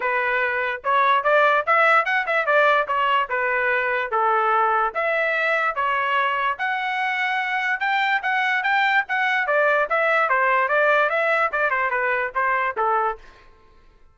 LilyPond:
\new Staff \with { instrumentName = "trumpet" } { \time 4/4 \tempo 4 = 146 b'2 cis''4 d''4 | e''4 fis''8 e''8 d''4 cis''4 | b'2 a'2 | e''2 cis''2 |
fis''2. g''4 | fis''4 g''4 fis''4 d''4 | e''4 c''4 d''4 e''4 | d''8 c''8 b'4 c''4 a'4 | }